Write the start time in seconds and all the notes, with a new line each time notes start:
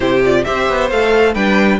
0.00 C3 E4 G4 C5
0.24 F4 D5
0.44 C4 G4 C5 E5
0.69 B3
0.90 A3 A4 F5
1.34 G3 D4 B4 G5